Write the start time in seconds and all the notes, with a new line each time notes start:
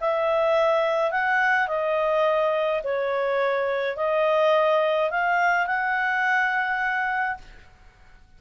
0.00 E5
1.11 F#5
1.67 D#5
2.83 C#5
3.96 D#5
5.10 F5
5.66 F#5